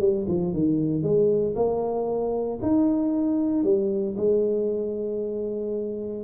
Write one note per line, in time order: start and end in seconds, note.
0.00 0.26 G3
0.28 0.53 F3
0.53 1.03 D#3
1.03 1.55 G#3
1.56 2.59 A#3
2.62 3.64 D#4
3.64 4.15 G3
4.17 6.24 G#3